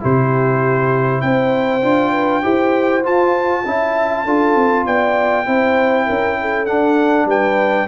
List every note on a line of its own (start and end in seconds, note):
0.00 1.23 C3
0.00 1.82 E4
0.00 1.23 G4
0.00 1.21 C5
1.21 1.83 C4
1.21 2.12 C5
1.21 3.03 G5
1.83 2.44 D4
1.83 2.43 F4
2.12 2.42 B4
2.43 3.05 E4
2.43 3.03 G4
2.43 3.65 C5
3.03 3.64 F4
3.03 3.66 F4
3.03 4.86 A5
3.66 4.25 C#4
3.66 4.27 E4
3.66 4.25 E5
4.25 4.56 D4
4.25 5.46 F4
4.25 4.85 A4
4.56 4.86 C4
4.86 5.47 B3
4.86 5.47 D5
4.86 6.66 G5
5.46 6.08 C4
5.46 6.67 E4
5.46 6.07 C5
6.07 6.70 C#4
6.07 6.37 A#4
6.41 7.27 A4
6.66 7.88 D4
6.66 7.26 D4
6.66 7.27 F#5
7.26 7.86 G3
7.26 7.88 B4
7.26 7.88 G5